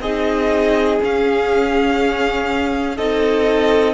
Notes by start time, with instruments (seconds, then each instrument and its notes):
0.00 cello C4, viola D#4, violin G#4 D#5
1.00 viola C#4, cello C#4, violin F5
2.97 cello C4, viola D#4, violin A4 D#5